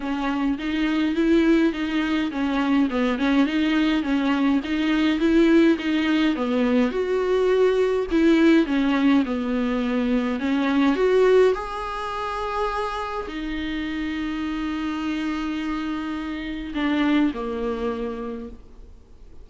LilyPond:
\new Staff \with { instrumentName = "viola" } { \time 4/4 \tempo 4 = 104 cis'4 dis'4 e'4 dis'4 | cis'4 b8 cis'8 dis'4 cis'4 | dis'4 e'4 dis'4 b4 | fis'2 e'4 cis'4 |
b2 cis'4 fis'4 | gis'2. dis'4~ | dis'1~ | dis'4 d'4 ais2 | }